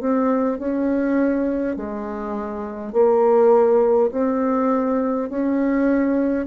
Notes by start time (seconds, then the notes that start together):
0.00 C4
0.58 C#4
1.76 G#3
2.92 A#3
4.11 C4
5.29 C#4